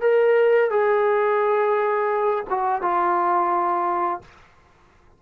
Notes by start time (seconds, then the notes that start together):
0.00 A#4
0.70 G#4
2.50 F#4
2.81 F4